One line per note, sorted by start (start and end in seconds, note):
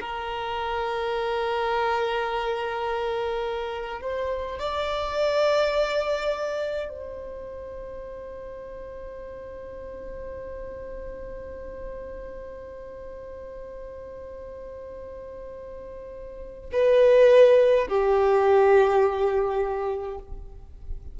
0.00 4.01 A#4
4.01 4.59 C5
4.59 6.89 D5
6.89 16.69 C5
16.73 17.88 B4
17.88 20.19 G4